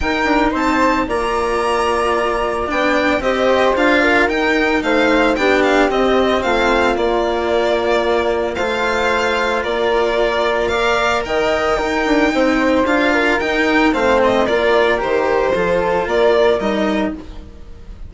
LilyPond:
<<
  \new Staff \with { instrumentName = "violin" } { \time 4/4 \tempo 4 = 112 g''4 a''4 ais''2~ | ais''4 g''4 dis''4 f''4 | g''4 f''4 g''8 f''8 dis''4 | f''4 d''2. |
f''2 d''2 | f''4 g''2. | f''4 g''4 f''8 dis''8 d''4 | c''2 d''4 dis''4 | }
  \new Staff \with { instrumentName = "flute" } { \time 4/4 ais'4 c''4 d''2~ | d''2 c''4. ais'8~ | ais'4 c''4 g'2 | f'1 |
c''2 ais'2 | d''4 dis''4 ais'4 c''4~ | c''8 ais'4. c''4 ais'4~ | ais'4 a'4 ais'2 | }
  \new Staff \with { instrumentName = "cello" } { \time 4/4 dis'2 f'2~ | f'4 d'4 g'4 f'4 | dis'2 d'4 c'4~ | c'4 ais2. |
f'1 | ais'2 dis'2 | f'4 dis'4 c'4 f'4 | g'4 f'2 dis'4 | }
  \new Staff \with { instrumentName = "bassoon" } { \time 4/4 dis'8 d'8 c'4 ais2~ | ais4 b4 c'4 d'4 | dis'4 a4 b4 c'4 | a4 ais2. |
a2 ais2~ | ais4 dis4 dis'8 d'8 c'4 | d'4 dis'4 a4 ais4 | dis4 f4 ais4 g4 | }
>>